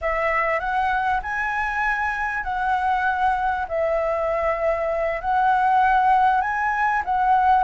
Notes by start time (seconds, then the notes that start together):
0.01 E5
0.59 F#5
1.22 G#5
2.43 F#5
3.68 E5
5.20 F#5
6.41 G#5
7.05 F#5